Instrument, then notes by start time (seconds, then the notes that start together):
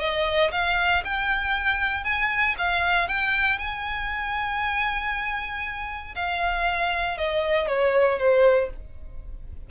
violin
0.00 D#5
0.52 F5
1.05 G5
2.04 G#5
2.59 F5
3.08 G5
3.59 G#5
6.16 F5
7.18 D#5
7.68 C#5
8.19 C5